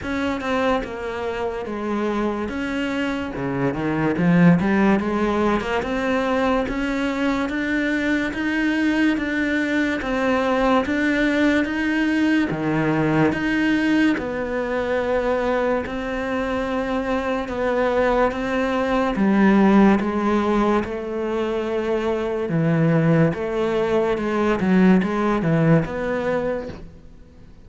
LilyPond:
\new Staff \with { instrumentName = "cello" } { \time 4/4 \tempo 4 = 72 cis'8 c'8 ais4 gis4 cis'4 | cis8 dis8 f8 g8 gis8. ais16 c'4 | cis'4 d'4 dis'4 d'4 | c'4 d'4 dis'4 dis4 |
dis'4 b2 c'4~ | c'4 b4 c'4 g4 | gis4 a2 e4 | a4 gis8 fis8 gis8 e8 b4 | }